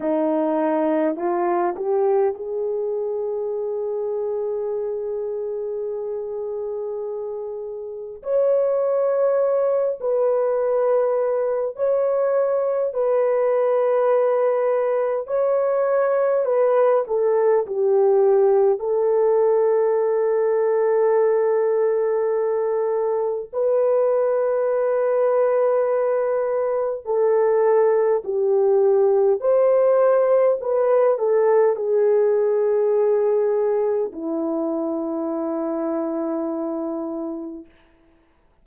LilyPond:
\new Staff \with { instrumentName = "horn" } { \time 4/4 \tempo 4 = 51 dis'4 f'8 g'8 gis'2~ | gis'2. cis''4~ | cis''8 b'4. cis''4 b'4~ | b'4 cis''4 b'8 a'8 g'4 |
a'1 | b'2. a'4 | g'4 c''4 b'8 a'8 gis'4~ | gis'4 e'2. | }